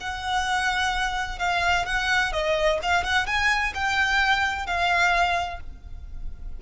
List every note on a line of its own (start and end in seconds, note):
0.00 1.38 F#5
1.38 1.85 F5
1.85 2.32 F#5
2.32 2.79 D#5
2.82 3.03 F5
3.03 3.26 F#5
3.26 3.73 G#5
3.74 4.66 G5
4.66 5.60 F5